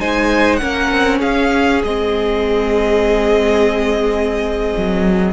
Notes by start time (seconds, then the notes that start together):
0.00 G#3 D#4 C5 G#5
0.57 A#3 C#4 A#4 F#5
0.92 C4
1.20 C#4 G#4 F5
1.83 G#3 C4 D#5
4.77 F#3